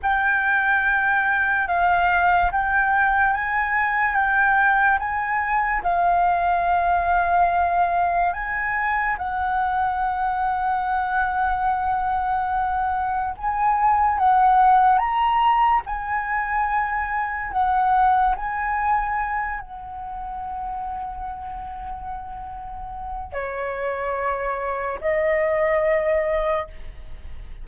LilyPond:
\new Staff \with { instrumentName = "flute" } { \time 4/4 \tempo 4 = 72 g''2 f''4 g''4 | gis''4 g''4 gis''4 f''4~ | f''2 gis''4 fis''4~ | fis''1 |
gis''4 fis''4 ais''4 gis''4~ | gis''4 fis''4 gis''4. fis''8~ | fis''1 | cis''2 dis''2 | }